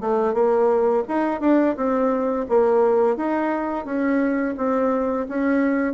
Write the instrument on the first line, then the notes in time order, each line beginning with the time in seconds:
bassoon
0.00 A3
0.33 A#3
1.08 D#4
1.40 D4
1.76 C4
2.48 A#3
3.16 D#4
3.85 C#4
4.57 C4
5.28 C#4